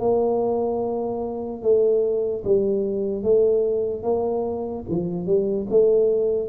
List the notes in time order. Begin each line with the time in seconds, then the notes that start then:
0.00 A#3
1.62 A3
2.44 G3
3.23 A3
4.03 A#3
4.89 F3
5.26 G3
5.70 A3